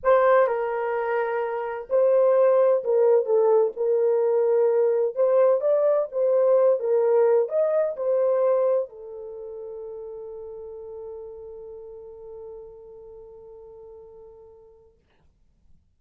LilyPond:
\new Staff \with { instrumentName = "horn" } { \time 4/4 \tempo 4 = 128 c''4 ais'2. | c''2 ais'4 a'4 | ais'2. c''4 | d''4 c''4. ais'4. |
dis''4 c''2 a'4~ | a'1~ | a'1~ | a'1 | }